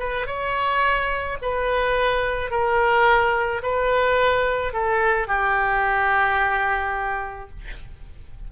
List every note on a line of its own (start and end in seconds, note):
0.00 0.27 B4
0.27 1.38 C#5
1.42 2.51 B4
2.51 3.62 A#4
3.63 4.73 B4
4.73 5.28 A4
5.28 7.50 G4